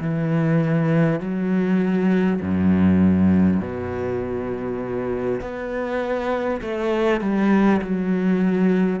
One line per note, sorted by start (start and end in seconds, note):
0.00 1.19 E3
1.19 2.39 F#3
2.41 3.60 F#2
3.60 5.40 B2
5.40 6.60 B3
6.61 7.21 A3
7.21 7.81 G3
7.81 9.00 F#3